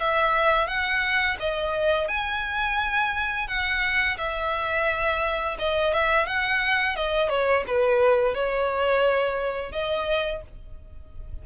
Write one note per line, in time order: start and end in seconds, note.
0.00 0.67 E5
0.67 1.37 F#5
1.40 2.08 D#5
2.08 3.47 G#5
3.47 4.17 F#5
4.17 5.57 E5
5.58 5.93 D#5
5.94 6.26 E5
6.26 6.96 F#5
6.96 7.29 D#5
7.29 7.64 C#5
7.67 8.34 B4
8.34 9.72 C#5
9.72 10.42 D#5